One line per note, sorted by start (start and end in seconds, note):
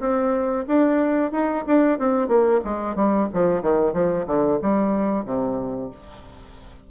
0.00 0.65 C4
0.68 1.32 D4
1.32 1.64 D#4
1.67 1.99 D4
1.99 2.28 C4
2.28 2.60 A#3
2.64 2.96 G#3
2.96 3.28 G3
3.33 3.62 F3
3.62 3.93 D#3
3.93 4.26 F3
4.27 4.59 D3
4.62 5.25 G3
5.25 5.90 C3